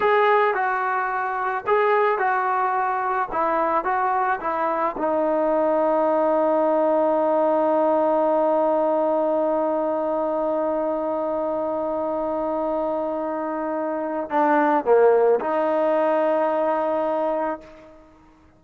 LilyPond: \new Staff \with { instrumentName = "trombone" } { \time 4/4 \tempo 4 = 109 gis'4 fis'2 gis'4 | fis'2 e'4 fis'4 | e'4 dis'2.~ | dis'1~ |
dis'1~ | dis'1~ | dis'2 d'4 ais4 | dis'1 | }